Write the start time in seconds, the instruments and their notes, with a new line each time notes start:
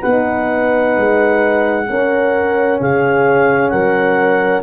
0.00 tuba B3, horn D#4 B4, clarinet F#5
0.96 tuba G#3
1.87 horn C#4 A#4, tuba C#4
2.80 tuba C#3, horn G#4, clarinet F5
3.69 tuba F#3, horn A#4, clarinet F#5